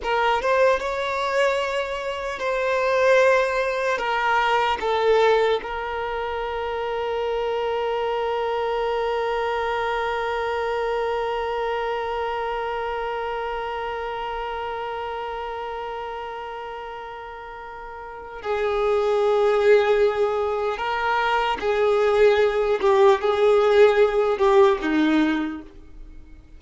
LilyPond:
\new Staff \with { instrumentName = "violin" } { \time 4/4 \tempo 4 = 75 ais'8 c''8 cis''2 c''4~ | c''4 ais'4 a'4 ais'4~ | ais'1~ | ais'1~ |
ais'1~ | ais'2. gis'4~ | gis'2 ais'4 gis'4~ | gis'8 g'8 gis'4. g'8 dis'4 | }